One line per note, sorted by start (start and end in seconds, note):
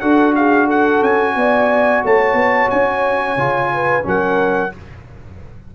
0.00 1.02 D4
0.00 3.38 F#4
0.00 0.36 A4
0.00 0.34 F#5
0.35 0.66 G#4
0.35 0.69 F5
0.66 1.33 A4
0.66 1.04 F#5
1.02 1.36 C#4
1.02 2.05 G#5
1.36 2.03 B3
1.36 2.04 D5
2.04 2.34 A3
2.04 3.73 C#5
2.04 2.70 A5
2.34 2.67 B3
2.70 3.37 C#4
2.70 4.05 G#5
3.37 4.04 C#3
3.37 4.03 F4
3.74 4.07 B4
4.03 4.74 F#3
4.03 4.70 C#4
4.03 4.75 A#4
4.03 4.75 F#5